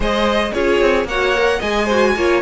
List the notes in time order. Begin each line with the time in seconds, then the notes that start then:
0.00 G#3 G#4 C5 D#5
0.53 C#4 F4 G#4 C#5
0.81 C4
1.04 A#3 C#5 F#5
1.10 F#4
1.36 A#4
1.58 G#3 G#4 D#5 G#5
1.85 F#4 C5
2.16 A#3 F4 C#5